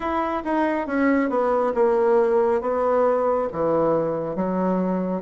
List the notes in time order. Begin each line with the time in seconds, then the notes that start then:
0.00 E4
0.44 D#4
0.86 C#4
1.29 B3
1.74 A#3
2.61 B3
3.52 E3
4.35 F#3